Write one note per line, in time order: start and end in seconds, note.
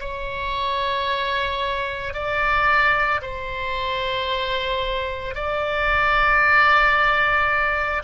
0.00 2.14 C#5
2.14 3.21 D5
3.21 5.35 C5
5.35 8.03 D5